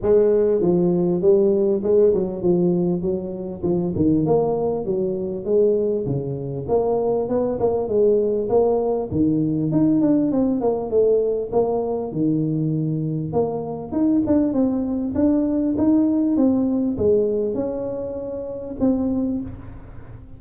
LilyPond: \new Staff \with { instrumentName = "tuba" } { \time 4/4 \tempo 4 = 99 gis4 f4 g4 gis8 fis8 | f4 fis4 f8 dis8 ais4 | fis4 gis4 cis4 ais4 | b8 ais8 gis4 ais4 dis4 |
dis'8 d'8 c'8 ais8 a4 ais4 | dis2 ais4 dis'8 d'8 | c'4 d'4 dis'4 c'4 | gis4 cis'2 c'4 | }